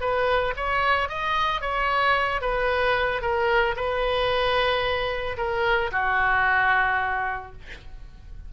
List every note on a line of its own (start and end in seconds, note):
0.00 0.54 B4
0.56 1.08 C#5
1.08 1.61 D#5
1.61 2.41 C#5
2.41 3.21 B4
3.21 3.75 A#4
3.75 5.36 B4
5.37 5.91 A#4
5.91 7.52 F#4